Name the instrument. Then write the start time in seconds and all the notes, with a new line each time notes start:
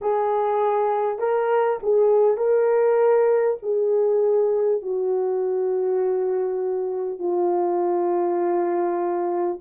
horn
0.01 G#4
1.18 A#4
1.82 G#4
2.37 A#4
3.62 G#4
4.82 F#4
7.18 F4